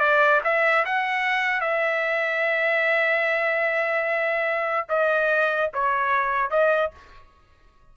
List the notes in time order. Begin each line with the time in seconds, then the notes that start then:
0.00 D5
0.44 E5
0.85 F#5
1.61 E5
4.89 D#5
5.74 C#5
6.50 D#5